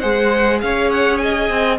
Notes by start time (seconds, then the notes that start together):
0.00 G#3 G#4 C5 F#5
0.61 C#4 C#5 F5
0.91 F#5
1.17 D#5 G#5
1.50 C4